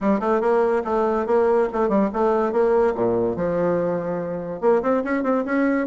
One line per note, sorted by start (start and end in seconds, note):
0.00 0.20 G3
0.20 0.40 A3
0.40 0.82 A#3
0.84 1.26 A3
1.26 1.68 A#3
1.72 1.88 A3
1.88 2.09 G3
2.13 2.52 A3
2.52 2.94 A#3
2.94 3.36 A#2
3.36 4.61 F3
4.61 4.82 A#3
4.82 5.03 C4
5.04 5.23 C#4
5.23 5.44 C4
5.45 5.87 C#4